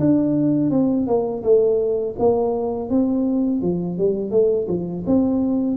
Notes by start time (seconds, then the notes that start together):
0.00 D4
0.71 C4
1.07 A#3
1.44 A3
2.19 A#3
2.90 C4
3.62 F3
3.99 G3
4.31 A3
4.68 F3
5.07 C4